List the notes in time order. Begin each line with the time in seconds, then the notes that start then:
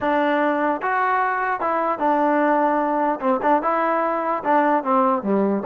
0.00 D4
0.81 F#4
1.60 E4
1.99 D4
3.20 C4
3.42 D4
3.62 E4
4.43 D4
4.83 C4
5.23 G3